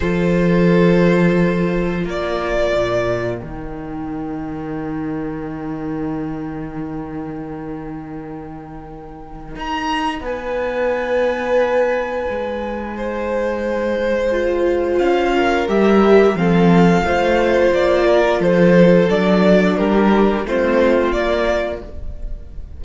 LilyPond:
<<
  \new Staff \with { instrumentName = "violin" } { \time 4/4 \tempo 4 = 88 c''2. d''4~ | d''4 g''2.~ | g''1~ | g''2 ais''4 gis''4~ |
gis''1~ | gis''2 f''4 e''4 | f''2 d''4 c''4 | d''4 ais'4 c''4 d''4 | }
  \new Staff \with { instrumentName = "violin" } { \time 4/4 a'2. ais'4~ | ais'1~ | ais'1~ | ais'2. b'4~ |
b'2. c''4~ | c''2~ c''8 ais'4. | a'4 c''4. ais'8 a'4~ | a'4 g'4 f'2 | }
  \new Staff \with { instrumentName = "viola" } { \time 4/4 f'1~ | f'4 dis'2.~ | dis'1~ | dis'1~ |
dis'1~ | dis'4 f'2 g'4 | c'4 f'2. | d'2 c'4 ais4 | }
  \new Staff \with { instrumentName = "cello" } { \time 4/4 f2. ais4 | ais,4 dis2.~ | dis1~ | dis2 dis'4 b4~ |
b2 gis2~ | gis2 cis'4 g4 | f4 a4 ais4 f4 | fis4 g4 a4 ais4 | }
>>